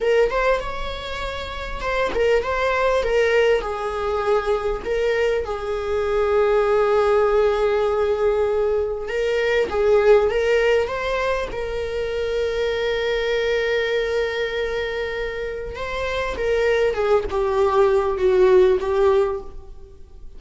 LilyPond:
\new Staff \with { instrumentName = "viola" } { \time 4/4 \tempo 4 = 99 ais'8 c''8 cis''2 c''8 ais'8 | c''4 ais'4 gis'2 | ais'4 gis'2.~ | gis'2. ais'4 |
gis'4 ais'4 c''4 ais'4~ | ais'1~ | ais'2 c''4 ais'4 | gis'8 g'4. fis'4 g'4 | }